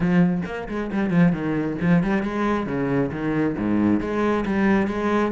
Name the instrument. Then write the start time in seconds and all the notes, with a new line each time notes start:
cello
0.00 F3
0.45 A#3
0.68 G#3
0.92 G3
1.10 F3
1.32 D#3
1.81 F3
2.03 G3
2.23 G#3
2.66 C#3
3.11 D#3
3.58 G#2
4.00 G#3
4.45 G3
4.87 G#3